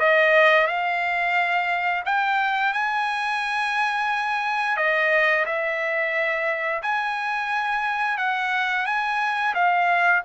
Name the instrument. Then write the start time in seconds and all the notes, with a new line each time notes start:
trumpet
0.00 D#5
0.67 F5
2.05 G5
2.73 G#5
4.77 D#5
5.46 E5
6.82 G#5
8.18 F#5
8.86 G#5
9.55 F5